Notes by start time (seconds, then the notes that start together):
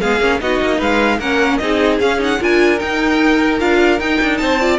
0.00 G#3 B3 G#4 F5
0.20 A#3 C#4
0.40 B3 D#4 F#4 D#5
0.61 A#3
0.77 G#3 B4 F5
1.19 A#3 C#4 A#4 F#5
1.57 C4 D#4 G#4 D#5
1.99 C#4 F5
2.18 D#4 F#5
2.39 D4 F4 A#4 G#5
2.77 D#4 G5
3.59 D4 F4 F5
3.99 D#4 G5
4.21 D4
4.37 C4 C5 A5
4.59 F4 D5